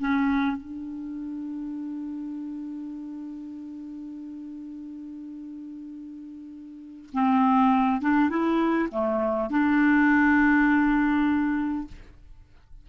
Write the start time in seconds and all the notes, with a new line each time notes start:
0.00 C#4
0.57 D4
7.13 C4
8.01 D4
8.30 E4
8.92 A3
9.50 D4